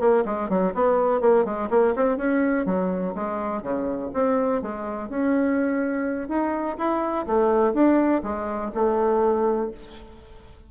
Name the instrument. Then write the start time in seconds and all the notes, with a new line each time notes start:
bassoon
0.00 A#3
0.25 G#3
0.49 F#3
0.74 B3
1.21 A#3
1.45 G#3
1.70 A#3
1.96 C4
2.17 C#4
2.65 F#3
3.15 G#3
3.62 C#3
4.14 C4
4.62 G#3
5.09 C#4
6.28 D#4
6.78 E4
7.27 A3
7.74 D4
8.23 G#3
8.74 A3